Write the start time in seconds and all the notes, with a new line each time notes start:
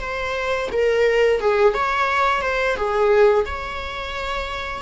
0.00 C5
0.72 A#4
1.40 G#4
1.73 C#5
2.41 C5
2.76 G#4
3.45 C#5